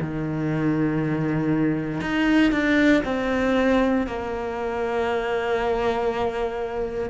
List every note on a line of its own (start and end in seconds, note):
0.00 2.00 D#3
2.00 2.51 D#4
2.51 3.02 D4
3.05 4.06 C4
4.06 7.10 A#3